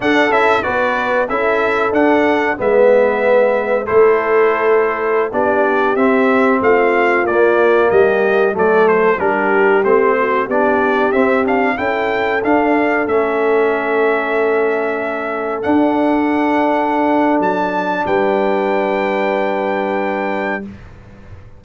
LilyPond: <<
  \new Staff \with { instrumentName = "trumpet" } { \time 4/4 \tempo 4 = 93 fis''8 e''8 d''4 e''4 fis''4 | e''2 c''2~ | c''16 d''4 e''4 f''4 d''8.~ | d''16 dis''4 d''8 c''8 ais'4 c''8.~ |
c''16 d''4 e''8 f''8 g''4 f''8.~ | f''16 e''2.~ e''8.~ | e''16 fis''2~ fis''8. a''4 | g''1 | }
  \new Staff \with { instrumentName = "horn" } { \time 4/4 a'4 b'4 a'2 | b'2 a'2~ | a'16 g'2 f'4.~ f'16~ | f'16 g'4 a'4 g'4. fis'16~ |
fis'16 g'2 a'4.~ a'16~ | a'1~ | a'1 | b'1 | }
  \new Staff \with { instrumentName = "trombone" } { \time 4/4 d'8 e'8 fis'4 e'4 d'4 | b2 e'2~ | e'16 d'4 c'2 ais8.~ | ais4~ ais16 a4 d'4 c'8.~ |
c'16 d'4 c'8 d'8 e'4 d'8.~ | d'16 cis'2.~ cis'8.~ | cis'16 d'2.~ d'8.~ | d'1 | }
  \new Staff \with { instrumentName = "tuba" } { \time 4/4 d'8 cis'8 b4 cis'4 d'4 | gis2 a2~ | a16 b4 c'4 a4 ais8.~ | ais16 g4 fis4 g4 a8.~ |
a16 b4 c'4 cis'4 d'8.~ | d'16 a2.~ a8.~ | a16 d'2~ d'8. fis4 | g1 | }
>>